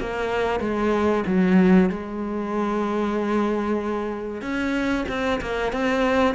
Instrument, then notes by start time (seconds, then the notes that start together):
cello
0.00 A#3
0.60 G#3
1.26 F#3
1.89 G#3
4.42 C#4
5.08 C4
5.41 A#3
5.72 C4